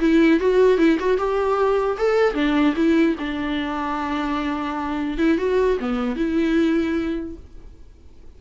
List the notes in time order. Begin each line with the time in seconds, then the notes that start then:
0.00 E4
0.40 F#4
0.78 E4
1.00 F#4
1.18 G4
1.98 A4
2.35 D4
2.76 E4
3.19 D4
5.18 E4
5.38 F#4
5.80 B3
6.16 E4